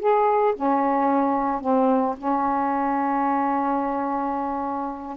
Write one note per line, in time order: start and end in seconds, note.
0.00 0.55 G#4
0.56 1.61 C#4
1.61 2.16 C4
2.18 5.17 C#4